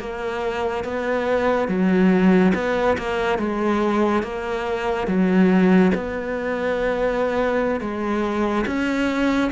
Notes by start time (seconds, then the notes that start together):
0.00 A#3
0.85 B3
1.68 F#3
2.55 B3
2.98 A#3
3.39 G#3
4.23 A#3
5.08 F#3
5.95 B3
7.81 G#3
8.67 C#4